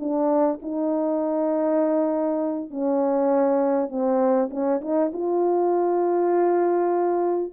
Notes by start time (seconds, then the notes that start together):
0.00 D4
0.62 D#4
2.71 C#4
3.90 C4
4.51 C#4
4.82 D#4
5.14 F4